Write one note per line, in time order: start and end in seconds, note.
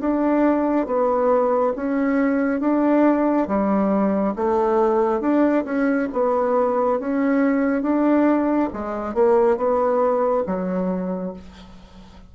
0.00 0.86 D4
0.86 1.73 B3
1.76 2.60 C#4
2.60 3.47 D4
3.47 4.34 G3
4.36 5.21 A3
5.21 5.64 D4
5.65 6.08 C#4
6.13 7.00 B3
7.00 7.82 C#4
7.82 8.69 D4
8.73 9.14 G#3
9.14 9.57 A#3
9.57 10.44 B3
10.46 11.33 F#3